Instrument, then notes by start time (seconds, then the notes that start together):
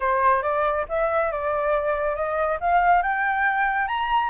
flute
0.00 C5
0.42 D5
0.88 E5
1.31 D5
2.15 D#5
2.60 F5
3.02 G5
3.87 A#5